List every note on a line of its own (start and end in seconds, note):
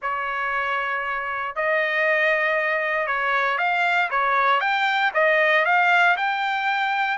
0.02 1.55 C#5
1.55 3.06 D#5
3.06 3.58 C#5
3.58 4.09 F5
4.10 4.60 C#5
4.60 5.11 G5
5.14 5.65 D#5
5.65 6.16 F5
6.16 7.17 G5